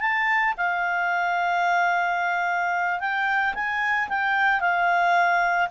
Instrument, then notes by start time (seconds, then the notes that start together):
clarinet
0.00 A5
0.57 F5
3.00 G5
3.55 G#5
4.09 G5
4.60 F5